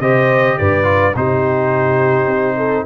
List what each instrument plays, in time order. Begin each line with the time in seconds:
0.00 tuba C3, trombone G4, horn C5, trumpet D#5
0.58 tuba G2, horn B4, trumpet D5
0.84 trombone F4
1.16 tuba C3, trombone D#4, horn G4, trumpet C5
2.26 tuba C4
2.57 horn A4